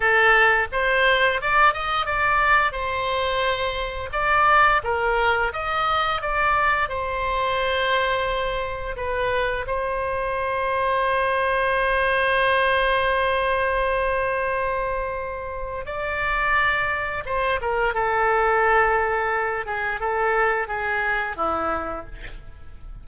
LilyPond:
\new Staff \with { instrumentName = "oboe" } { \time 4/4 \tempo 4 = 87 a'4 c''4 d''8 dis''8 d''4 | c''2 d''4 ais'4 | dis''4 d''4 c''2~ | c''4 b'4 c''2~ |
c''1~ | c''2. d''4~ | d''4 c''8 ais'8 a'2~ | a'8 gis'8 a'4 gis'4 e'4 | }